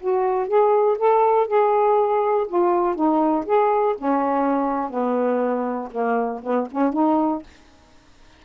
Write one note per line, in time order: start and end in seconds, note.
0.00 0.48 F#4
0.48 0.97 G#4
0.98 1.47 A4
1.47 2.46 G#4
2.47 2.95 F4
2.95 3.45 D#4
3.46 3.95 G#4
3.97 4.90 C#4
4.90 5.89 B3
5.91 6.41 A#3
6.43 6.67 B3
6.71 6.93 C#4
6.93 7.42 D#4